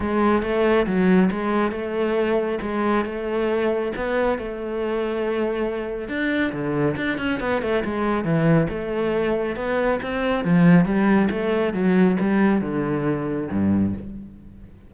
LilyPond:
\new Staff \with { instrumentName = "cello" } { \time 4/4 \tempo 4 = 138 gis4 a4 fis4 gis4 | a2 gis4 a4~ | a4 b4 a2~ | a2 d'4 d4 |
d'8 cis'8 b8 a8 gis4 e4 | a2 b4 c'4 | f4 g4 a4 fis4 | g4 d2 g,4 | }